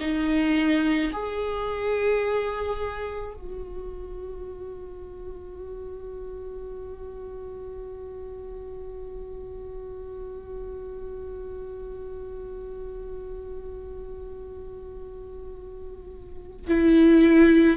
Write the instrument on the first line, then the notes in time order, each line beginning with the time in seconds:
viola
0.00 D#4
1.13 G#4
3.33 F#4
16.67 E4